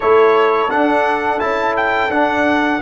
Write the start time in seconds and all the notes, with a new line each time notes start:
0.00 A3 E4 A4 C#5
0.69 D4 F#5
1.39 C#4 E4 A5
1.76 G5
2.09 D4 F#5